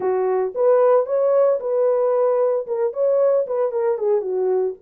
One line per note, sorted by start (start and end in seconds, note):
0.00 0.53 F#4
0.54 1.05 B4
1.05 1.59 C#5
1.60 2.66 B4
2.66 2.93 A#4
2.93 3.46 C#5
3.47 3.71 B4
3.71 3.98 A#4
3.98 4.21 G#4
4.21 4.74 F#4